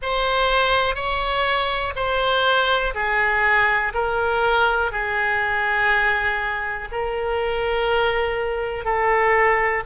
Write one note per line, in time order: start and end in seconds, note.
0.01 0.95 C5
0.95 1.93 C#5
1.95 2.93 C5
2.94 3.92 G#4
3.93 4.91 A#4
4.91 6.88 G#4
6.91 8.84 A#4
8.84 9.83 A4